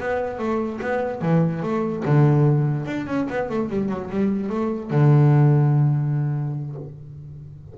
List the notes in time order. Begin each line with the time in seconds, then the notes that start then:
0.00 B3
0.39 A3
0.82 B3
1.22 E3
1.63 A3
2.06 D3
2.86 D4
3.07 C#4
3.30 B3
3.50 A3
3.70 G3
3.89 F#3
4.11 G3
4.50 A3
4.91 D3